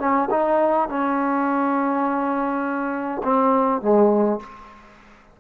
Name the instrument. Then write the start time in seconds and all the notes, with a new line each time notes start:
trombone
0.00 C#4
0.31 D#4
0.89 C#4
3.24 C4
3.82 G#3